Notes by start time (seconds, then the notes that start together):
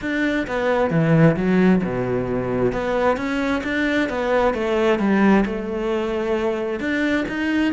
0.01 D4
0.47 B3
0.90 E3
1.36 F#3
1.83 B2
2.72 B3
3.17 C#4
3.63 D4
4.09 B3
4.54 A3
4.99 G3
5.45 A3
6.80 D4
7.28 D#4